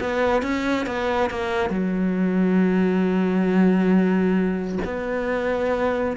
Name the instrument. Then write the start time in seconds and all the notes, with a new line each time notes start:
cello
0.00 B3
0.42 C#4
0.86 B3
1.30 A#3
1.70 F#3
4.84 B3